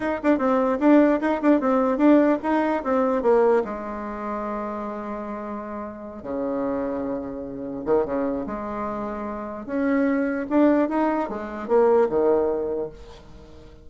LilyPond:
\new Staff \with { instrumentName = "bassoon" } { \time 4/4 \tempo 4 = 149 dis'8 d'8 c'4 d'4 dis'8 d'8 | c'4 d'4 dis'4 c'4 | ais4 gis2.~ | gis2.~ gis8 cis8~ |
cis2.~ cis8 dis8 | cis4 gis2. | cis'2 d'4 dis'4 | gis4 ais4 dis2 | }